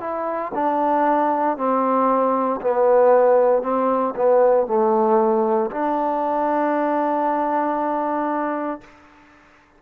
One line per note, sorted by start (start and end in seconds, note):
0.00 0.52 E4
0.54 1.57 D4
1.57 2.61 C4
2.61 3.63 B3
3.63 4.14 C4
4.16 4.67 B3
4.67 5.70 A3
5.70 8.81 D4